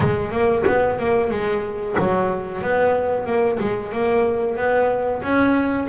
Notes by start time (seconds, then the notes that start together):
0.00 G#3
0.31 A#3
0.67 B3
0.98 A#3
1.30 G#3
1.98 F#3
2.61 B3
3.25 A#3
3.59 G#3
3.92 A#3
4.56 B3
5.22 C#4